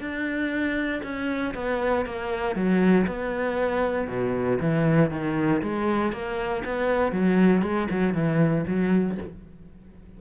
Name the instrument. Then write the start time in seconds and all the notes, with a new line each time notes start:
cello
0.00 D4
1.03 C#4
1.55 B3
2.06 A#3
2.56 F#3
3.07 B3
4.08 B2
4.61 E3
5.11 D#3
5.62 G#3
6.12 A#3
6.65 B3
7.12 F#3
7.62 G#3
7.91 F#3
8.14 E3
8.67 F#3